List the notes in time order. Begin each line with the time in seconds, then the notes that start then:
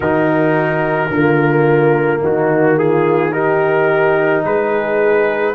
0.00 D#3 D#4 F#4 A#4
1.09 D3 A#3 F4
2.21 D#3 D#4 F#4
2.78 F4 G#4
3.32 D#4 G4 A#4
4.44 G#3 G#4 B4